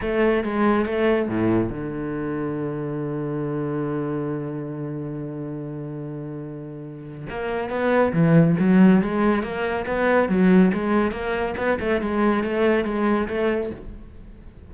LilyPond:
\new Staff \with { instrumentName = "cello" } { \time 4/4 \tempo 4 = 140 a4 gis4 a4 a,4 | d1~ | d1~ | d1~ |
d4 ais4 b4 e4 | fis4 gis4 ais4 b4 | fis4 gis4 ais4 b8 a8 | gis4 a4 gis4 a4 | }